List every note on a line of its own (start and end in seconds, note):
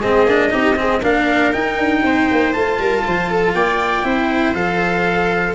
0.00 0.26 G#3
0.00 0.28 C4
0.00 0.50 G#4
0.00 1.03 D#5
0.26 0.51 A#3
0.26 0.51 D4
0.51 1.03 C4
0.51 0.76 D#4
0.51 0.78 G4
0.76 1.01 C4
0.76 1.01 G#4
1.01 1.54 A#3
1.01 1.53 D4
1.01 2.02 A#4
1.01 1.53 F5
1.53 2.54 D#4
1.53 1.78 D#4
1.53 2.53 G5
1.78 2.03 D4
2.03 2.28 C4
2.03 2.80 C5
2.32 2.55 A#3
2.53 2.79 A3
2.53 4.04 F4
2.53 3.54 A5
2.79 3.05 G3
2.79 3.05 A#4
3.07 3.55 F3
3.07 3.30 C5
3.30 3.55 A4
3.55 4.05 A#3
3.55 4.05 D5
3.55 4.55 G5
4.04 4.55 C4
4.04 4.54 E4
4.04 5.56 C5
4.55 5.55 F3
4.55 5.56 A4
4.55 5.56 F5